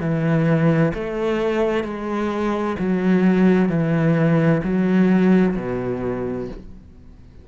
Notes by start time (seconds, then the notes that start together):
0.00 E3
0.94 A3
1.84 G#3
2.79 F#3
3.69 E3
4.63 F#3
5.56 B2